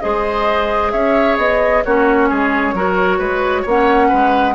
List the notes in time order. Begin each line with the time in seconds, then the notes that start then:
0.00 G#3 G#4 C5 D#5
0.91 C#4 C#5 E5
1.37 B3 D#5
1.84 A#3 C#4 F#4 C#5
2.29 G#3 G#4
2.73 F#3 F#4 A#4
3.18 G#3 B4
3.62 A#3 C#5
3.68 C#4 F#5
4.09 G#3 B4